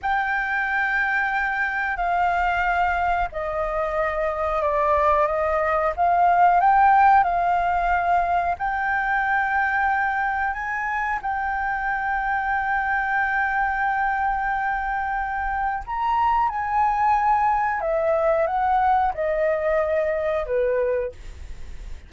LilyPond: \new Staff \with { instrumentName = "flute" } { \time 4/4 \tempo 4 = 91 g''2. f''4~ | f''4 dis''2 d''4 | dis''4 f''4 g''4 f''4~ | f''4 g''2. |
gis''4 g''2.~ | g''1 | ais''4 gis''2 e''4 | fis''4 dis''2 b'4 | }